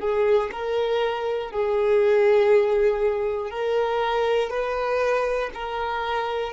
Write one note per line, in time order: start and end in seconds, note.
0.00 0.50 G#4
0.52 1.51 A#4
1.51 3.51 G#4
3.51 4.50 A#4
4.50 5.50 B4
5.54 6.53 A#4